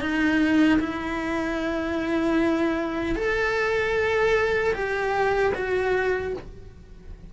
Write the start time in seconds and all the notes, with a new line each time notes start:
0.00 D#4
0.79 E4
3.15 A4
4.74 G4
5.54 F#4